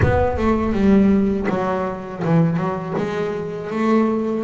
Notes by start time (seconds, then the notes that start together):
0.02 B3
0.37 A3
0.72 G3
1.49 F#3
2.24 E3
2.56 F#3
2.97 G#3
3.70 A3